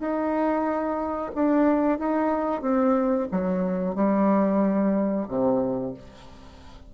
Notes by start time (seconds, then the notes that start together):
0.00 D#4
1.35 D4
1.99 D#4
2.62 C4
3.32 F#3
3.96 G3
5.28 C3